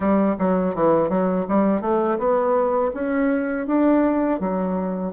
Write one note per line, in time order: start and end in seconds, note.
0.00 0.35 G3
0.39 0.75 F#3
0.75 1.09 E3
1.09 1.45 F#3
1.48 1.81 G3
1.81 2.18 A3
2.18 2.91 B3
2.94 3.67 C#4
3.67 4.39 D4
4.39 5.13 F#3